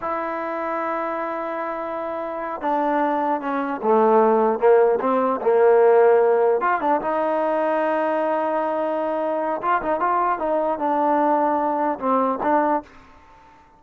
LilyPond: \new Staff \with { instrumentName = "trombone" } { \time 4/4 \tempo 4 = 150 e'1~ | e'2~ e'8 d'4.~ | d'8 cis'4 a2 ais8~ | ais8 c'4 ais2~ ais8~ |
ais8 f'8 d'8 dis'2~ dis'8~ | dis'1 | f'8 dis'8 f'4 dis'4 d'4~ | d'2 c'4 d'4 | }